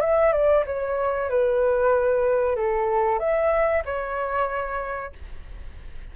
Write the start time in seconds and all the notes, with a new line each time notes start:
0.00 E5
0.32 D5
0.66 C#5
1.29 B4
2.56 A4
3.19 E5
3.85 C#5